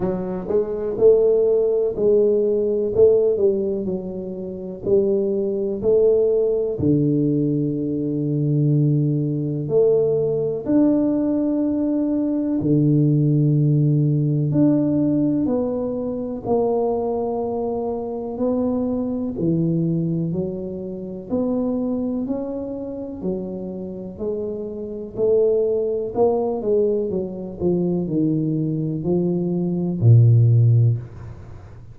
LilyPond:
\new Staff \with { instrumentName = "tuba" } { \time 4/4 \tempo 4 = 62 fis8 gis8 a4 gis4 a8 g8 | fis4 g4 a4 d4~ | d2 a4 d'4~ | d'4 d2 d'4 |
b4 ais2 b4 | e4 fis4 b4 cis'4 | fis4 gis4 a4 ais8 gis8 | fis8 f8 dis4 f4 ais,4 | }